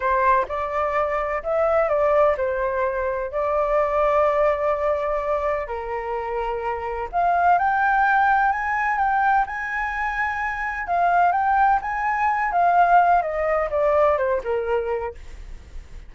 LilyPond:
\new Staff \with { instrumentName = "flute" } { \time 4/4 \tempo 4 = 127 c''4 d''2 e''4 | d''4 c''2 d''4~ | d''1 | ais'2. f''4 |
g''2 gis''4 g''4 | gis''2. f''4 | g''4 gis''4. f''4. | dis''4 d''4 c''8 ais'4. | }